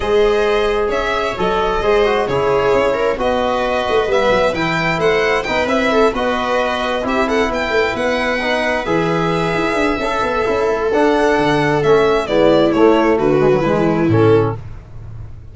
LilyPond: <<
  \new Staff \with { instrumentName = "violin" } { \time 4/4 \tempo 4 = 132 dis''2 e''4 dis''4~ | dis''4 cis''2 dis''4~ | dis''4 e''4 g''4 fis''4 | g''8 e''4 dis''2 e''8 |
fis''8 g''4 fis''2 e''8~ | e''1 | fis''2 e''4 d''4 | cis''4 b'2 a'4 | }
  \new Staff \with { instrumentName = "viola" } { \time 4/4 c''2 cis''2 | c''4 gis'4. ais'8 b'4~ | b'2. c''4 | b'4 a'8 b'2 g'8 |
a'8 b'2.~ b'8~ | b'2 a'2~ | a'2. e'4~ | e'4 fis'4 e'2 | }
  \new Staff \with { instrumentName = "trombone" } { \time 4/4 gis'2. a'4 | gis'8 fis'8 e'2 fis'4~ | fis'4 b4 e'2 | dis'8 e'4 fis'2 e'8~ |
e'2~ e'8 dis'4 gis'8~ | gis'2 a'4 e'4 | d'2 cis'4 b4 | a4. gis16 fis16 gis4 cis'4 | }
  \new Staff \with { instrumentName = "tuba" } { \time 4/4 gis2 cis'4 fis4 | gis4 cis4 cis'4 b4~ | b8 a8 g8 fis8 e4 a4 | b8 c'4 b2 c'8~ |
c'8 b8 a8 b2 e8~ | e4 e'8 d'8 cis'8 b8 cis'8 a8 | d'4 d4 a4 gis4 | a4 d4 e4 a,4 | }
>>